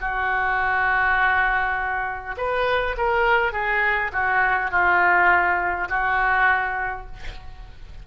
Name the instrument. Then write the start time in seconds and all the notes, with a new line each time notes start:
oboe
0.00 F#4
2.37 B4
2.97 A#4
3.52 G#4
4.12 F#4
4.71 F4
5.88 F#4